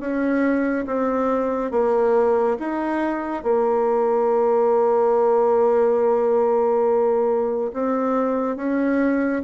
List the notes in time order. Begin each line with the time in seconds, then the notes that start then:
0.00 C#4
0.86 C4
1.71 A#3
2.59 D#4
3.43 A#3
7.73 C4
8.57 C#4